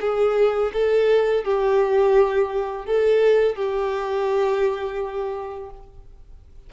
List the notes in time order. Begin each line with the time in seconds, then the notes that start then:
0.00 G#4
0.73 A4
1.44 G4
2.86 A4
3.56 G4